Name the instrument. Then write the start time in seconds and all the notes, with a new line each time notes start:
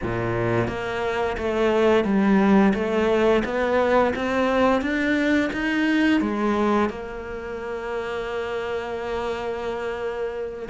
cello
0.03 A#2
0.67 A#3
1.37 A3
2.04 G3
2.74 A3
3.44 B3
4.15 C4
4.81 D4
5.52 D#4
6.20 G#3
6.89 A#3